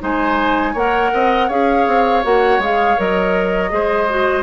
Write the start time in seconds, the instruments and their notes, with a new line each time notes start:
0.00 bassoon G#3, clarinet D#4, oboe C5, flute G#5
0.73 bassoon A#3, clarinet A#4, oboe C#5, flute F#5
1.14 bassoon C4, oboe D#5
1.48 bassoon C#4, clarinet G#4, oboe C#5, flute F5
1.87 bassoon C4
2.23 bassoon A#3, clarinet F#4, flute F#5
2.59 bassoon G#3, clarinet G#4, flute F5
2.97 bassoon F#3, clarinet A#4, flute D#5
3.70 bassoon G#3, clarinet G#4, oboe C5
4.10 clarinet F#4